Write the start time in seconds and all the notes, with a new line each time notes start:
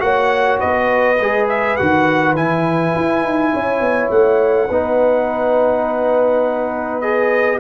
0.00 A#3 F#4 C#5 F#5
0.60 B3 B4 D#5
1.20 G#3 G#4
1.49 E5
1.77 D#3 F#4 F#5
2.36 E3 E4 G#5
2.95 E4
3.24 D#4
3.53 C#4 C#5
3.81 B3
4.11 A3 F#5
4.68 B3 D#4 B4
7.01 G#4 D#5